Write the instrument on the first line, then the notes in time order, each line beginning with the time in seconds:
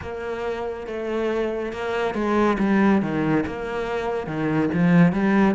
cello
0.01 A#3
0.86 A3
1.72 A#3
2.14 G#3
2.59 G3
3.02 D#3
3.46 A#3
4.26 D#3
4.73 F3
5.12 G3